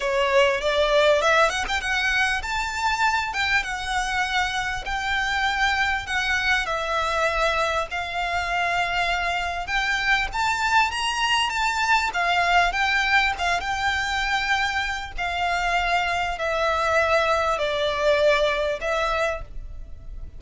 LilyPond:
\new Staff \with { instrumentName = "violin" } { \time 4/4 \tempo 4 = 99 cis''4 d''4 e''8 fis''16 g''16 fis''4 | a''4. g''8 fis''2 | g''2 fis''4 e''4~ | e''4 f''2. |
g''4 a''4 ais''4 a''4 | f''4 g''4 f''8 g''4.~ | g''4 f''2 e''4~ | e''4 d''2 e''4 | }